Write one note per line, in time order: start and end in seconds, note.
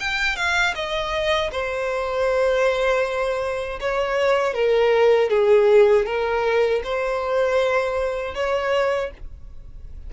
0.00 0.36 G5
0.36 0.74 F5
0.75 1.51 D#5
1.52 3.79 C5
3.80 4.54 C#5
4.54 5.30 A#4
5.30 6.06 G#4
6.06 6.82 A#4
6.84 8.35 C5
8.35 9.11 C#5